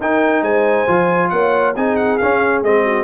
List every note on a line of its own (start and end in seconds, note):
0.00 0.41 D#4
0.00 0.87 D#4
0.00 0.43 A#4
0.00 0.43 G5
0.41 0.85 G#3
0.41 1.30 C5
0.41 1.29 G#5
0.87 1.32 F3
0.87 1.75 F4
1.29 1.76 A#3
1.29 1.75 C#5
1.29 1.73 F#5
1.75 2.20 C4
1.75 2.20 D#4
1.75 2.83 G#4
1.75 1.96 G#5
1.96 2.18 F#5
2.18 2.62 C#4
2.18 2.64 C#4
2.18 2.61 F5
2.62 3.04 G#3
2.62 3.04 C4
2.62 3.04 D#5
2.83 3.04 F#4